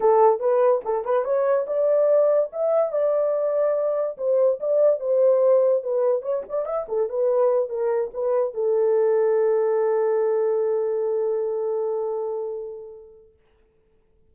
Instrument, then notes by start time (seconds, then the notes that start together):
horn
0.00 A4
0.39 B4
0.84 A4
1.04 B4
1.24 C#5
1.66 D5
2.52 E5
2.92 D5
4.17 C5
4.59 D5
5.00 C5
5.83 B4
6.22 C#5
6.48 D5
6.65 E5
6.88 A4
7.09 B4
7.69 A#4
8.13 B4
8.53 A4